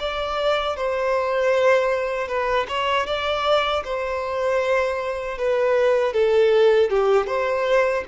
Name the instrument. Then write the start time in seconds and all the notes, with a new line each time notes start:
violin
0.00 D5
0.77 C5
2.28 B4
2.69 C#5
3.07 D5
3.85 C5
5.38 B4
6.14 A4
6.91 G4
7.27 C5